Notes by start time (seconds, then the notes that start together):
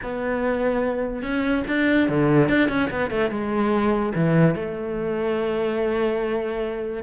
0.02 B3
1.22 C#4
1.67 D4
2.08 D3
2.48 D4
2.69 C#4
2.90 B3
3.10 A3
3.30 G#3
4.14 E3
4.55 A3